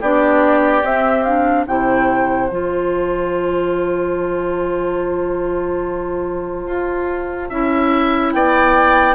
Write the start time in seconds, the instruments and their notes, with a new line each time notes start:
0.00 bassoon B3, clarinet D4, oboe G4, flute D5
0.82 clarinet C4, bassoon C4, flute E5
1.23 clarinet D4, flute F5
1.66 bassoon C3, clarinet E4, oboe C5, flute G5
2.49 bassoon F3, clarinet F4, flute A5
6.66 bassoon F4
7.49 bassoon C#4, clarinet E4, oboe E5
8.32 bassoon B3, oboe D5, flute G5